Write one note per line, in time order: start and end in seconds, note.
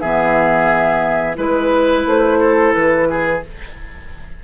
0.00 1.38 E3
0.00 1.36 B3
0.00 1.37 G#4
0.00 1.36 E5
1.36 2.06 G#3
1.36 3.41 E4
1.36 2.40 B4
1.36 2.07 B4
2.06 2.74 A3
2.06 2.73 C5
2.40 3.08 A4
2.73 3.44 E3
2.73 3.42 B4
3.10 3.44 G#4